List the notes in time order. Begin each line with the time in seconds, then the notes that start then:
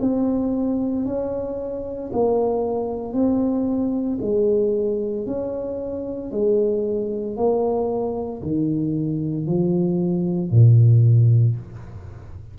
0.00 C4
1.05 C#4
2.12 A#3
3.13 C4
4.21 G#3
5.26 C#4
6.31 G#3
7.36 A#3
8.42 D#3
9.46 F3
10.50 A#2